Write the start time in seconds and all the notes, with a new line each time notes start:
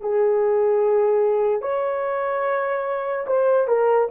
0.00 G#4
1.61 C#5
3.27 C5
3.67 A#4